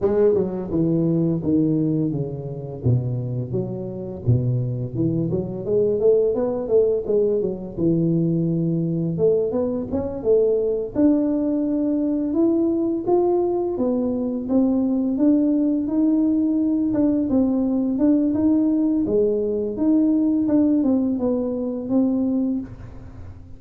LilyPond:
\new Staff \with { instrumentName = "tuba" } { \time 4/4 \tempo 4 = 85 gis8 fis8 e4 dis4 cis4 | b,4 fis4 b,4 e8 fis8 | gis8 a8 b8 a8 gis8 fis8 e4~ | e4 a8 b8 cis'8 a4 d'8~ |
d'4. e'4 f'4 b8~ | b8 c'4 d'4 dis'4. | d'8 c'4 d'8 dis'4 gis4 | dis'4 d'8 c'8 b4 c'4 | }